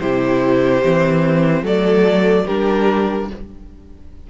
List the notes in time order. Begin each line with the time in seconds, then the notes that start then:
0.00 C3 E4 G4 C5
0.83 E3 C4
1.62 F#3 A3 A4 D5
2.45 G3 D4 G4 A#4